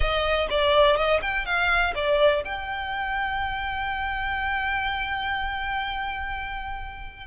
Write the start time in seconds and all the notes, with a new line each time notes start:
0.00 D#5
0.49 D5
0.96 D#5
1.22 G5
1.45 F5
1.95 D5
2.44 G5